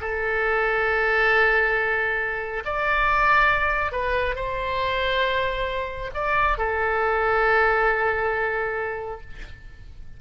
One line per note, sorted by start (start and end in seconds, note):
0.00 2.63 A4
2.65 3.92 D5
3.92 4.35 B4
4.35 6.10 C5
6.14 6.57 D5
6.57 9.20 A4